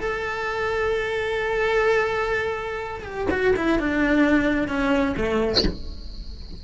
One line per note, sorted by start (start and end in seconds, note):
0.00 3.04 A4
3.04 3.28 G4
3.31 3.54 F#4
3.56 3.79 E4
3.79 4.68 D4
4.68 5.15 C#4
5.18 5.64 A3